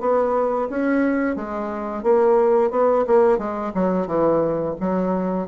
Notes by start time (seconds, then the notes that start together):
0.00 B3
0.70 C#4
1.36 G#3
2.03 A#3
2.71 B3
3.07 A#3
3.38 G#3
3.75 F#3
4.07 E3
4.80 F#3